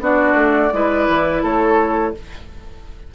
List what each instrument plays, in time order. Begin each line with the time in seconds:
0.00 bassoon B3, clarinet D4, oboe F#4, flute D5
0.34 bassoon A3
0.73 bassoon G#3, clarinet E4, oboe B4
1.08 bassoon E3
1.43 bassoon A3, oboe A4, flute C#5